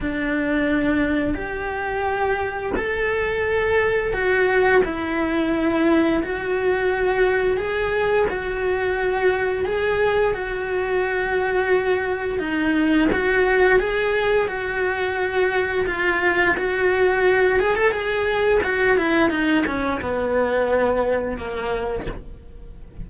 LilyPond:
\new Staff \with { instrumentName = "cello" } { \time 4/4 \tempo 4 = 87 d'2 g'2 | a'2 fis'4 e'4~ | e'4 fis'2 gis'4 | fis'2 gis'4 fis'4~ |
fis'2 dis'4 fis'4 | gis'4 fis'2 f'4 | fis'4. gis'16 a'16 gis'4 fis'8 e'8 | dis'8 cis'8 b2 ais4 | }